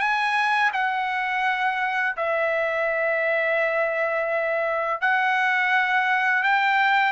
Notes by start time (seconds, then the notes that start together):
0.00 G#5
0.73 F#5
2.17 E5
5.01 F#5
6.43 G5